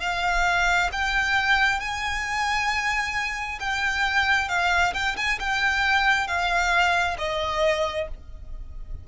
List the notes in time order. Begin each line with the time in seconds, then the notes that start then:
0.00 F5
0.92 G5
1.80 G#5
3.59 G5
4.48 F5
4.93 G5
5.16 G#5
5.39 G5
6.27 F5
7.18 D#5